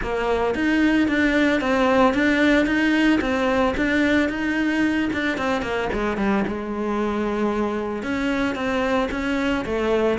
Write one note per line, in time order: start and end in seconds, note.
0.02 0.54 A#3
0.54 1.07 D#4
1.07 1.60 D4
1.60 2.14 C4
2.14 2.66 D4
2.66 3.19 D#4
3.20 3.74 C4
3.76 4.29 D4
4.29 5.09 D#4
5.12 5.37 D4
5.37 5.62 C4
5.62 5.88 A#3
5.92 6.17 G#3
6.17 6.44 G3
6.47 8.02 G#3
8.02 8.55 C#4
8.55 9.08 C4
9.11 9.64 C#4
9.65 10.18 A3